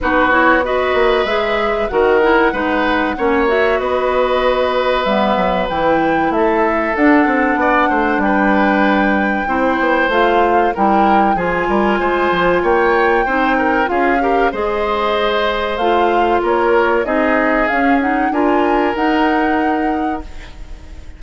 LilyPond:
<<
  \new Staff \with { instrumentName = "flute" } { \time 4/4 \tempo 4 = 95 b'8 cis''8 dis''4 e''4 fis''4~ | fis''4. e''8 dis''2 | e''4 g''4 e''4 fis''4~ | fis''4 g''2. |
f''4 g''4 gis''2 | g''2 f''4 dis''4~ | dis''4 f''4 cis''4 dis''4 | f''8 fis''8 gis''4 fis''2 | }
  \new Staff \with { instrumentName = "oboe" } { \time 4/4 fis'4 b'2 ais'4 | b'4 cis''4 b'2~ | b'2 a'2 | d''8 c''8 b'2 c''4~ |
c''4 ais'4 gis'8 ais'8 c''4 | cis''4 c''8 ais'8 gis'8 ais'8 c''4~ | c''2 ais'4 gis'4~ | gis'4 ais'2. | }
  \new Staff \with { instrumentName = "clarinet" } { \time 4/4 dis'8 e'8 fis'4 gis'4 fis'8 e'8 | dis'4 cis'8 fis'2~ fis'8 | b4 e'2 d'4~ | d'2. e'4 |
f'4 e'4 f'2~ | f'4 dis'4 f'8 g'8 gis'4~ | gis'4 f'2 dis'4 | cis'8 dis'8 f'4 dis'2 | }
  \new Staff \with { instrumentName = "bassoon" } { \time 4/4 b4. ais8 gis4 dis4 | gis4 ais4 b2 | g8 fis8 e4 a4 d'8 c'8 | b8 a8 g2 c'8 b8 |
a4 g4 f8 g8 gis8 f8 | ais4 c'4 cis'4 gis4~ | gis4 a4 ais4 c'4 | cis'4 d'4 dis'2 | }
>>